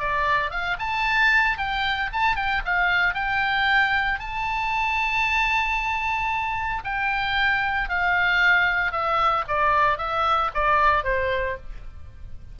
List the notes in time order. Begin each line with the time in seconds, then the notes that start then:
0.00 D5
0.51 F5
0.79 A5
1.58 G5
2.13 A5
2.36 G5
2.65 F5
3.15 G5
4.20 A5
6.85 G5
7.89 F5
8.92 E5
9.48 D5
9.99 E5
10.55 D5
11.05 C5